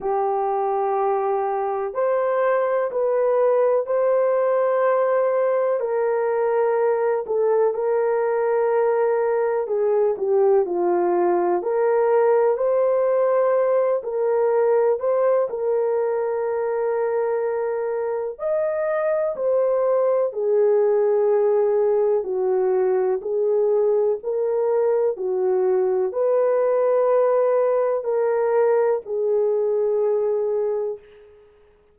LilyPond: \new Staff \with { instrumentName = "horn" } { \time 4/4 \tempo 4 = 62 g'2 c''4 b'4 | c''2 ais'4. a'8 | ais'2 gis'8 g'8 f'4 | ais'4 c''4. ais'4 c''8 |
ais'2. dis''4 | c''4 gis'2 fis'4 | gis'4 ais'4 fis'4 b'4~ | b'4 ais'4 gis'2 | }